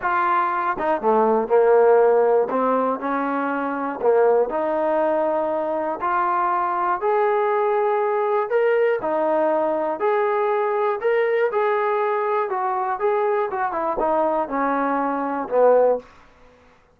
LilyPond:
\new Staff \with { instrumentName = "trombone" } { \time 4/4 \tempo 4 = 120 f'4. dis'8 a4 ais4~ | ais4 c'4 cis'2 | ais4 dis'2. | f'2 gis'2~ |
gis'4 ais'4 dis'2 | gis'2 ais'4 gis'4~ | gis'4 fis'4 gis'4 fis'8 e'8 | dis'4 cis'2 b4 | }